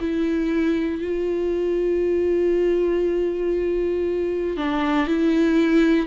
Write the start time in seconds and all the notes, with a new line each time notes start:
0.00 E4
1.01 F4
4.57 D4
5.07 E4